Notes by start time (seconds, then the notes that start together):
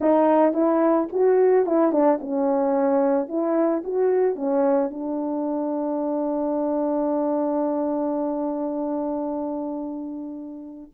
0.00 D#4
0.53 E4
1.12 F#4
1.66 E4
1.91 D4
2.20 C#4
3.28 E4
3.83 F#4
4.35 C#4
4.90 D4